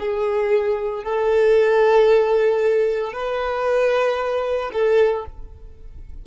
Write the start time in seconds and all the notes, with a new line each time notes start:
0.00 G#4
1.04 A4
3.13 B4
4.73 A4